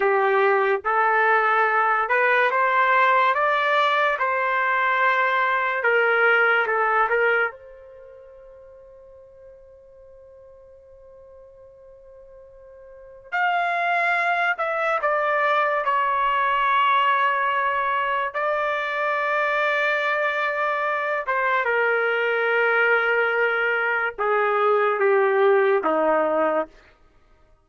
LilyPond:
\new Staff \with { instrumentName = "trumpet" } { \time 4/4 \tempo 4 = 72 g'4 a'4. b'8 c''4 | d''4 c''2 ais'4 | a'8 ais'8 c''2.~ | c''1 |
f''4. e''8 d''4 cis''4~ | cis''2 d''2~ | d''4. c''8 ais'2~ | ais'4 gis'4 g'4 dis'4 | }